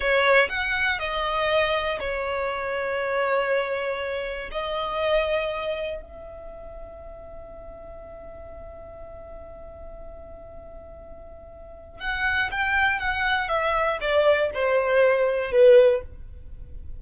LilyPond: \new Staff \with { instrumentName = "violin" } { \time 4/4 \tempo 4 = 120 cis''4 fis''4 dis''2 | cis''1~ | cis''4 dis''2. | e''1~ |
e''1~ | e''1 | fis''4 g''4 fis''4 e''4 | d''4 c''2 b'4 | }